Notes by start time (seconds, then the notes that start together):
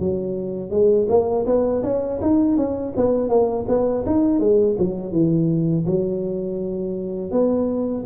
0.00 F#3
0.71 G#3
1.09 A#3
1.46 B3
1.84 C#4
2.22 D#4
2.57 C#4
2.97 B3
3.29 A#3
3.68 B3
4.06 D#4
4.40 G#3
4.79 F#3
5.12 E3
5.86 F#3
7.31 B3